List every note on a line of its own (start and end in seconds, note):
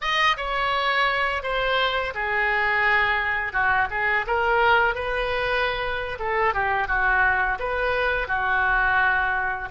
0.01 0.36 D#5
0.37 1.42 C#5
1.42 2.13 C5
2.14 3.53 G#4
3.53 3.88 F#4
3.90 4.25 G#4
4.26 4.94 A#4
4.94 6.18 B4
6.19 6.54 A4
6.54 6.87 G4
6.87 7.58 F#4
7.59 8.27 B4
8.27 9.69 F#4